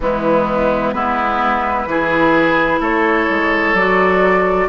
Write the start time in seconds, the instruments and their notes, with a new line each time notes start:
0.00 bassoon E3, clarinet G#3, oboe B3, flute E4
0.92 bassoon G#3, clarinet B3, oboe E4, flute B4
1.85 bassoon E3, clarinet E4, oboe G#4
2.80 bassoon A3, oboe A4, flute C#5
3.29 bassoon G#3
3.73 bassoon F#3, clarinet F#4, flute D5